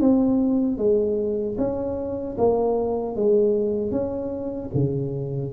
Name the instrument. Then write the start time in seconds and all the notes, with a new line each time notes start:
tuba
0.00 C4
0.77 G#3
1.58 C#4
2.37 A#3
3.15 G#3
3.91 C#4
4.74 C#3